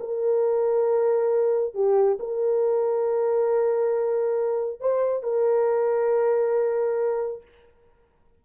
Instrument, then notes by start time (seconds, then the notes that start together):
horn
0.00 A#4
1.75 G4
2.20 A#4
4.80 C5
5.23 A#4